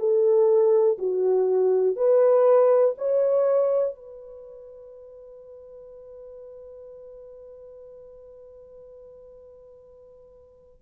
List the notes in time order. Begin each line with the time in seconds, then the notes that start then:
0.00 A4
0.99 F#4
1.97 B4
2.98 C#5
3.96 B4